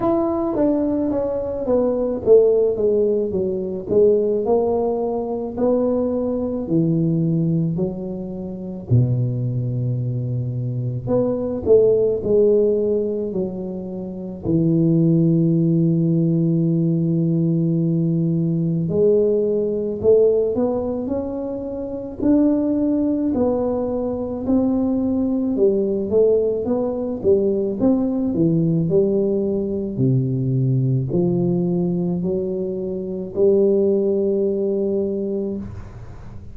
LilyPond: \new Staff \with { instrumentName = "tuba" } { \time 4/4 \tempo 4 = 54 e'8 d'8 cis'8 b8 a8 gis8 fis8 gis8 | ais4 b4 e4 fis4 | b,2 b8 a8 gis4 | fis4 e2.~ |
e4 gis4 a8 b8 cis'4 | d'4 b4 c'4 g8 a8 | b8 g8 c'8 e8 g4 c4 | f4 fis4 g2 | }